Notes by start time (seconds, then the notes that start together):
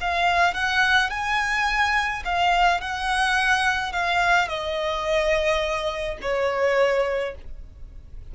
0.00 F5
0.54 F#5
1.10 G#5
2.24 F5
2.80 F#5
3.92 F5
4.48 D#5
6.22 C#5